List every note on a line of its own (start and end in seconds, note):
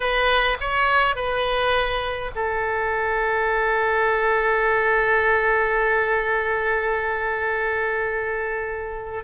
0.00 0.57 B4
0.60 1.15 C#5
1.15 2.31 B4
2.35 9.24 A4